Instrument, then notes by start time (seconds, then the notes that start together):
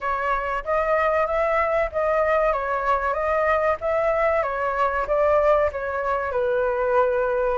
flute
0.00 C#5
0.64 D#5
1.26 E5
1.91 D#5
2.52 C#5
3.13 D#5
3.80 E5
4.42 C#5
5.07 D5
5.72 C#5
6.31 B4